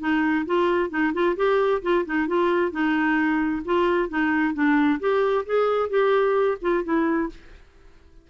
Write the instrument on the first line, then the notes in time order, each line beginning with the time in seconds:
clarinet
0.00 D#4
0.46 F4
0.90 D#4
1.13 F4
1.36 G4
1.82 F4
2.06 D#4
2.28 F4
2.72 D#4
3.65 F4
4.09 D#4
4.54 D4
5.00 G4
5.46 G#4
5.90 G4
6.62 F4
6.84 E4